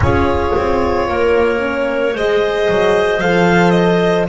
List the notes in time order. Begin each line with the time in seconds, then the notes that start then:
0.00 C#4 F4 G#4 C#5
0.56 C4
1.08 A#3 A#4
1.58 C#4
2.13 G#3 G#4 C5 D#5
2.69 F#3
3.20 F3 A4 F5
3.70 D#5